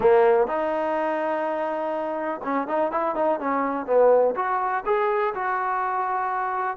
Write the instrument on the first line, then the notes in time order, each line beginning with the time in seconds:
trombone
0.00 A#3
0.47 D#4
2.43 C#4
2.67 D#4
2.91 E4
3.15 D#4
3.39 C#4
3.86 B3
4.35 F#4
4.85 G#4
5.34 F#4